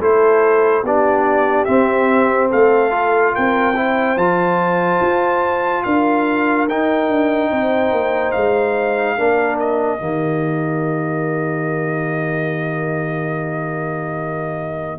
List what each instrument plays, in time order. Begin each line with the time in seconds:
0.00 tuba A3, trombone E4, horn A4, trumpet C5
0.83 tuba B3, trombone D4, horn G4, trumpet D5
1.65 trombone C4, tuba C4, trumpet E5
2.49 tuba A3, horn A4, trumpet F5
2.90 trombone F4
3.34 tuba C4, horn A#4, trumpet G5
3.76 trombone E4, horn C5
4.16 tuba F3, trombone F4, trumpet A5
5.01 tuba F4
5.84 tuba D4, horn A#4, trumpet F5
6.68 tuba D#4, trombone D#4, trumpet G5
7.09 tuba D4
7.51 tuba C4, horn C5
7.92 tuba A#3
8.32 tuba G#3, trumpet F5
9.18 tuba A#3, trombone D4, horn A#4
9.60 trumpet D#5
9.99 tuba D#3, trombone A#3, horn G4